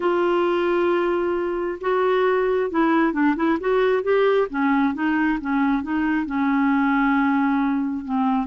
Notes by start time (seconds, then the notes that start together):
0.00 F4
1.81 F#4
2.70 E4
3.12 D4
3.36 E4
3.59 F#4
4.02 G4
4.49 C#4
4.94 D#4
5.40 C#4
5.82 D#4
6.25 C#4
8.04 C4